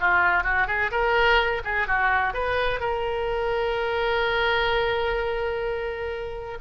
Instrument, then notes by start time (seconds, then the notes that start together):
oboe
0.00 F4
0.44 F#4
0.67 G#4
0.91 A#4
1.64 G#4
1.87 F#4
2.34 B4
2.80 A#4